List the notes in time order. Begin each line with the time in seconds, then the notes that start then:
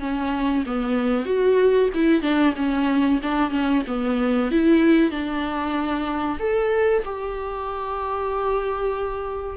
0.00 C#4
0.66 B3
1.25 F#4
1.94 E4
2.22 D4
2.56 C#4
3.22 D4
3.50 C#4
3.87 B3
4.51 E4
5.11 D4
6.39 A4
7.05 G4